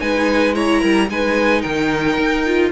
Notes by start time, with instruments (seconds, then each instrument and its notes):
0.00 cello G#3, viola D#4, violin B4 G#5
0.54 viola E4, violin C#5 A#5
0.81 cello G3, violin A#4
1.09 cello G#3, viola D#4, violin B4 G#5
1.62 cello D#3, violin A#4 G5
2.18 cello D#4
2.46 viola F4